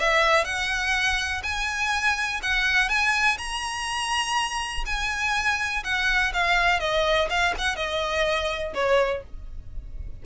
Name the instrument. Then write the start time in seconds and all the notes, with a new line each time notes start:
violin
0.00 E5
0.45 F#5
1.43 G#5
2.43 F#5
2.89 G#5
3.38 A#5
4.86 G#5
5.84 F#5
6.34 F5
6.80 D#5
7.30 F5
7.59 F#5
7.76 D#5
8.75 C#5